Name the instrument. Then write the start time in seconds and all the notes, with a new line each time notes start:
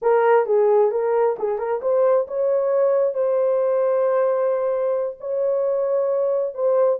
horn
0.02 A#4
0.46 G#4
0.91 A#4
1.38 G#4
1.58 A#4
1.81 C5
2.27 C#5
3.14 C5
5.19 C#5
6.54 C5